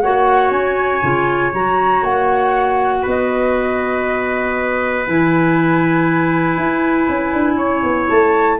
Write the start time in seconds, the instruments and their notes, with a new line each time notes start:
0.00 tuba A#3, clarinet F#4, trumpet C#5, flute F#5
0.50 tuba C#4, flute G#5
1.01 tuba C#3, clarinet F4
1.53 tuba F#3, clarinet F#4, flute A#5
2.02 tuba A#3, flute F#5
3.02 tuba B3, trumpet B4, flute D#5
5.05 tuba E3, clarinet E4, flute G#5
6.57 tuba E4
7.08 tuba C#4
7.33 tuba D4
7.57 tuba C#4, trumpet C#5
7.83 tuba B3
8.08 tuba A3, flute A5